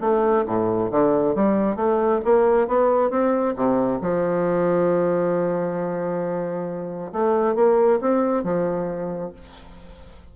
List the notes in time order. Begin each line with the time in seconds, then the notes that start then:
0.00 A3
0.46 A2
0.91 D3
1.35 G3
1.76 A3
2.24 A#3
2.67 B3
3.10 C4
3.56 C3
4.01 F3
7.12 A3
7.55 A#3
8.00 C4
8.43 F3